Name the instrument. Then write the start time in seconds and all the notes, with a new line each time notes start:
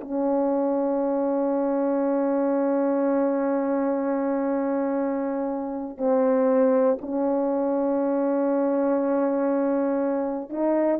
horn
0.00 C#4
5.97 C4
7.00 C#4
10.49 D#4